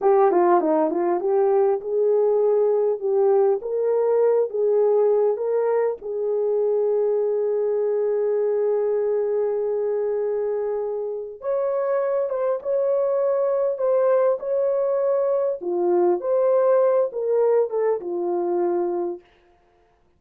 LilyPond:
\new Staff \with { instrumentName = "horn" } { \time 4/4 \tempo 4 = 100 g'8 f'8 dis'8 f'8 g'4 gis'4~ | gis'4 g'4 ais'4. gis'8~ | gis'4 ais'4 gis'2~ | gis'1~ |
gis'2. cis''4~ | cis''8 c''8 cis''2 c''4 | cis''2 f'4 c''4~ | c''8 ais'4 a'8 f'2 | }